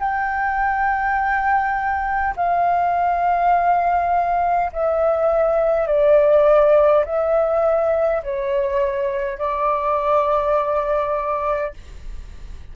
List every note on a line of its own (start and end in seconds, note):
0.00 2.35 G5
2.36 4.72 F5
4.73 5.88 E5
5.88 7.05 D5
7.05 8.23 E5
8.24 9.39 C#5
9.39 11.74 D5